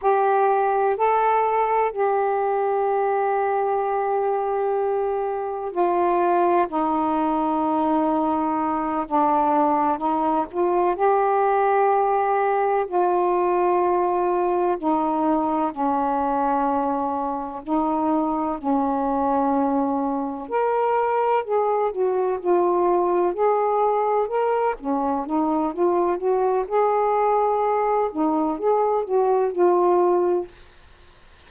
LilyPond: \new Staff \with { instrumentName = "saxophone" } { \time 4/4 \tempo 4 = 63 g'4 a'4 g'2~ | g'2 f'4 dis'4~ | dis'4. d'4 dis'8 f'8 g'8~ | g'4. f'2 dis'8~ |
dis'8 cis'2 dis'4 cis'8~ | cis'4. ais'4 gis'8 fis'8 f'8~ | f'8 gis'4 ais'8 cis'8 dis'8 f'8 fis'8 | gis'4. dis'8 gis'8 fis'8 f'4 | }